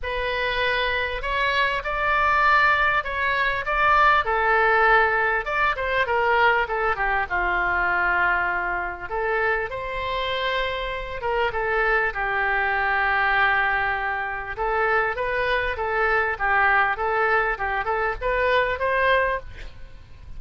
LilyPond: \new Staff \with { instrumentName = "oboe" } { \time 4/4 \tempo 4 = 99 b'2 cis''4 d''4~ | d''4 cis''4 d''4 a'4~ | a'4 d''8 c''8 ais'4 a'8 g'8 | f'2. a'4 |
c''2~ c''8 ais'8 a'4 | g'1 | a'4 b'4 a'4 g'4 | a'4 g'8 a'8 b'4 c''4 | }